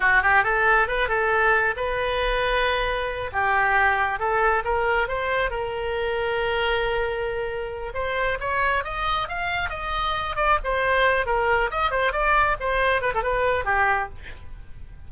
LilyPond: \new Staff \with { instrumentName = "oboe" } { \time 4/4 \tempo 4 = 136 fis'8 g'8 a'4 b'8 a'4. | b'2.~ b'8 g'8~ | g'4. a'4 ais'4 c''8~ | c''8 ais'2.~ ais'8~ |
ais'2 c''4 cis''4 | dis''4 f''4 dis''4. d''8 | c''4. ais'4 dis''8 c''8 d''8~ | d''8 c''4 b'16 a'16 b'4 g'4 | }